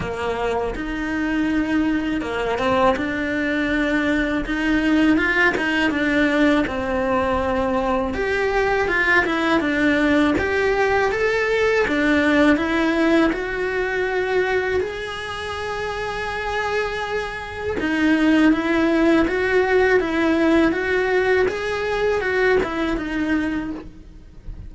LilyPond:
\new Staff \with { instrumentName = "cello" } { \time 4/4 \tempo 4 = 81 ais4 dis'2 ais8 c'8 | d'2 dis'4 f'8 dis'8 | d'4 c'2 g'4 | f'8 e'8 d'4 g'4 a'4 |
d'4 e'4 fis'2 | gis'1 | dis'4 e'4 fis'4 e'4 | fis'4 gis'4 fis'8 e'8 dis'4 | }